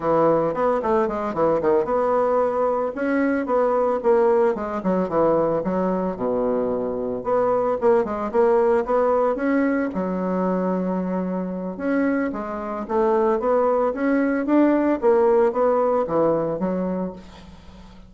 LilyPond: \new Staff \with { instrumentName = "bassoon" } { \time 4/4 \tempo 4 = 112 e4 b8 a8 gis8 e8 dis8 b8~ | b4. cis'4 b4 ais8~ | ais8 gis8 fis8 e4 fis4 b,8~ | b,4. b4 ais8 gis8 ais8~ |
ais8 b4 cis'4 fis4.~ | fis2 cis'4 gis4 | a4 b4 cis'4 d'4 | ais4 b4 e4 fis4 | }